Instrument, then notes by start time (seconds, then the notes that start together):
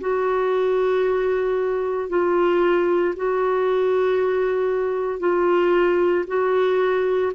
clarinet
0.00 F#4
2.09 F4
3.16 F#4
5.20 F4
6.27 F#4